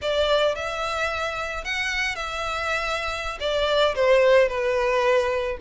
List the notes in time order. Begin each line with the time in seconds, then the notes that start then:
0.01 D5
0.55 E5
1.64 F#5
2.15 E5
3.40 D5
3.95 C5
4.48 B4